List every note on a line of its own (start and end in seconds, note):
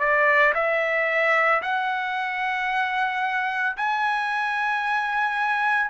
0.00 0.54 D5
0.55 1.62 E5
1.63 3.77 F#5
3.77 5.90 G#5